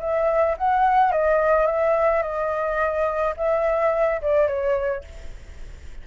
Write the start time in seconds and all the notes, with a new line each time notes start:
0.00 E5
0.58 F#5
1.12 D#5
1.66 E5
2.22 D#5
3.37 E5
4.22 D5
4.48 C#5